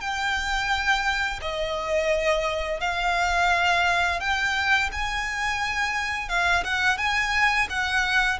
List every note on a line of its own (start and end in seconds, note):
0.00 1.40 G5
1.41 2.80 D#5
2.80 4.20 F5
4.20 4.89 G5
4.92 6.28 G#5
6.28 6.63 F5
6.64 6.97 F#5
6.97 7.67 G#5
7.69 8.39 F#5